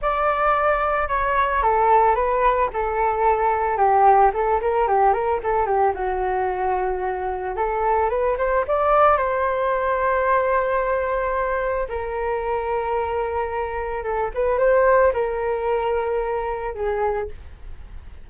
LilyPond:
\new Staff \with { instrumentName = "flute" } { \time 4/4 \tempo 4 = 111 d''2 cis''4 a'4 | b'4 a'2 g'4 | a'8 ais'8 g'8 ais'8 a'8 g'8 fis'4~ | fis'2 a'4 b'8 c''8 |
d''4 c''2.~ | c''2 ais'2~ | ais'2 a'8 b'8 c''4 | ais'2. gis'4 | }